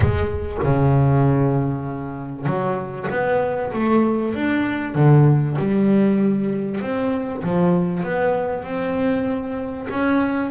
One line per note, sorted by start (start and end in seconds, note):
0.00 0.58 G#3
0.63 2.45 C#3
2.45 3.07 F#3
3.10 3.72 B3
3.73 4.34 A3
4.34 4.95 D4
4.95 5.56 D3
5.58 6.80 G3
6.80 7.42 C4
7.43 8.03 F3
8.03 8.64 B3
8.64 9.87 C4
9.89 10.50 C#4